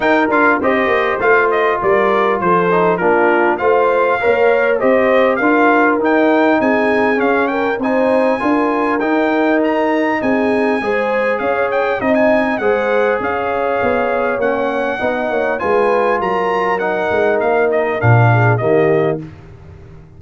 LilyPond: <<
  \new Staff \with { instrumentName = "trumpet" } { \time 4/4 \tempo 4 = 100 g''8 f''8 dis''4 f''8 dis''8 d''4 | c''4 ais'4 f''2 | dis''4 f''4 g''4 gis''4 | f''8 g''8 gis''2 g''4 |
ais''4 gis''2 f''8 g''8 | dis''16 gis''8. fis''4 f''2 | fis''2 gis''4 ais''4 | fis''4 f''8 dis''8 f''4 dis''4 | }
  \new Staff \with { instrumentName = "horn" } { \time 4/4 ais'4 c''2 ais'4 | a'4 f'4 c''4 cis''4 | c''4 ais'2 gis'4~ | gis'8 ais'8 c''4 ais'2~ |
ais'4 gis'4 c''4 cis''4 | dis''4 c''4 cis''2~ | cis''4 dis''8 cis''8 b'4 ais'4~ | ais'2~ ais'8 gis'8 g'4 | }
  \new Staff \with { instrumentName = "trombone" } { \time 4/4 dis'8 f'8 g'4 f'2~ | f'8 dis'8 d'4 f'4 ais'4 | g'4 f'4 dis'2 | cis'4 dis'4 f'4 dis'4~ |
dis'2 gis'2 | dis'4 gis'2. | cis'4 dis'4 f'2 | dis'2 d'4 ais4 | }
  \new Staff \with { instrumentName = "tuba" } { \time 4/4 dis'8 d'8 c'8 ais8 a4 g4 | f4 ais4 a4 ais4 | c'4 d'4 dis'4 c'4 | cis'4 c'4 d'4 dis'4~ |
dis'4 c'4 gis4 cis'4 | c'4 gis4 cis'4 b4 | ais4 b8 ais8 gis4 fis4~ | fis8 gis8 ais4 ais,4 dis4 | }
>>